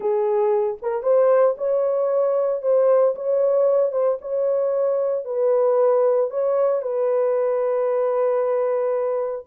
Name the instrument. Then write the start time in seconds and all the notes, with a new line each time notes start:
horn
0.00 G#4
0.82 A#4
1.02 C5
1.57 C#5
2.62 C5
3.15 C#5
3.91 C5
4.21 C#5
5.25 B4
6.30 C#5
6.82 B4